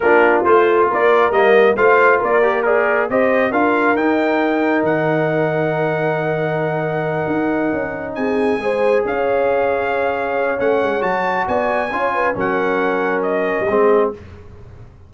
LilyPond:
<<
  \new Staff \with { instrumentName = "trumpet" } { \time 4/4 \tempo 4 = 136 ais'4 c''4 d''4 dis''4 | f''4 d''4 ais'4 dis''4 | f''4 g''2 fis''4~ | fis''1~ |
fis''2~ fis''8 gis''4.~ | gis''8 f''2.~ f''8 | fis''4 a''4 gis''2 | fis''2 dis''2 | }
  \new Staff \with { instrumentName = "horn" } { \time 4/4 f'2 ais'2 | c''4 ais'4 d''4 c''4 | ais'1~ | ais'1~ |
ais'2~ ais'8 gis'4 c''8~ | c''8 cis''2.~ cis''8~ | cis''2 d''4 cis''8 b'8 | ais'2. gis'4 | }
  \new Staff \with { instrumentName = "trombone" } { \time 4/4 d'4 f'2 ais4 | f'4. g'8 gis'4 g'4 | f'4 dis'2.~ | dis'1~ |
dis'2.~ dis'8 gis'8~ | gis'1 | cis'4 fis'2 f'4 | cis'2. c'4 | }
  \new Staff \with { instrumentName = "tuba" } { \time 4/4 ais4 a4 ais4 g4 | a4 ais2 c'4 | d'4 dis'2 dis4~ | dis1~ |
dis8 dis'4 cis'4 c'4 gis8~ | gis8 cis'2.~ cis'8 | a8 gis8 fis4 b4 cis'4 | fis2~ fis8. g16 gis4 | }
>>